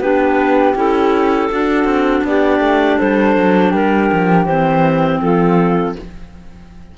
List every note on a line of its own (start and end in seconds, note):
0.00 0.74 B3
0.00 0.75 D4
0.00 1.50 G4
0.00 0.75 B4
0.75 1.49 C#4
0.75 1.49 E4
0.75 2.25 A4
1.50 1.84 D4
1.50 4.49 D4
1.50 2.24 F#4
1.84 2.21 C4
2.24 2.60 B3
2.24 2.99 G4
2.24 2.99 D5
2.60 2.97 A3
2.99 3.37 G3
2.99 3.70 A4
2.99 3.73 C5
3.37 3.73 F#3
3.70 4.10 G3
3.70 5.18 G4
3.70 4.45 A#4
4.12 4.46 F3
4.45 5.20 E3
4.45 5.98 C4
4.45 5.19 C5
5.21 5.95 F3
5.21 5.97 F4
5.21 5.96 A4